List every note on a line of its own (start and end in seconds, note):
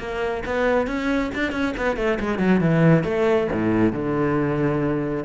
0.00 0.44 A#3
0.46 0.87 B3
0.87 1.31 C#4
1.35 1.52 D4
1.52 1.74 C#4
1.77 1.97 B3
1.97 2.19 A3
2.20 2.39 G#3
2.39 2.61 F#3
2.61 3.04 E3
3.04 3.48 A3
3.53 3.93 A2
3.93 5.25 D3